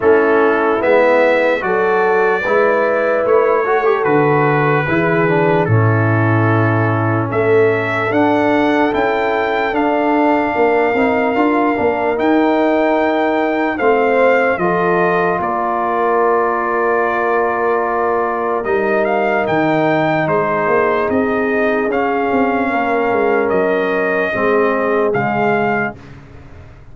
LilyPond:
<<
  \new Staff \with { instrumentName = "trumpet" } { \time 4/4 \tempo 4 = 74 a'4 e''4 d''2 | cis''4 b'2 a'4~ | a'4 e''4 fis''4 g''4 | f''2. g''4~ |
g''4 f''4 dis''4 d''4~ | d''2. dis''8 f''8 | g''4 c''4 dis''4 f''4~ | f''4 dis''2 f''4 | }
  \new Staff \with { instrumentName = "horn" } { \time 4/4 e'2 a'4 b'4~ | b'8 a'4. gis'4 e'4~ | e'4 a'2.~ | a'4 ais'2.~ |
ais'4 c''4 a'4 ais'4~ | ais'1~ | ais'4 gis'2. | ais'2 gis'2 | }
  \new Staff \with { instrumentName = "trombone" } { \time 4/4 cis'4 b4 fis'4 e'4~ | e'8 fis'16 g'16 fis'4 e'8 d'8 cis'4~ | cis'2 d'4 e'4 | d'4. dis'8 f'8 d'8 dis'4~ |
dis'4 c'4 f'2~ | f'2. dis'4~ | dis'2. cis'4~ | cis'2 c'4 gis4 | }
  \new Staff \with { instrumentName = "tuba" } { \time 4/4 a4 gis4 fis4 gis4 | a4 d4 e4 a,4~ | a,4 a4 d'4 cis'4 | d'4 ais8 c'8 d'8 ais8 dis'4~ |
dis'4 a4 f4 ais4~ | ais2. g4 | dis4 gis8 ais8 c'4 cis'8 c'8 | ais8 gis8 fis4 gis4 cis4 | }
>>